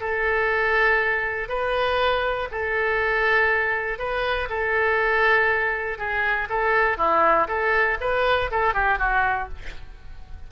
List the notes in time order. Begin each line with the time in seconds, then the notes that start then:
0.00 A4
1.48 B4
2.51 A4
3.98 B4
4.49 A4
5.98 G#4
6.49 A4
6.97 E4
7.47 A4
8.00 B4
8.51 A4
8.73 G4
8.98 F#4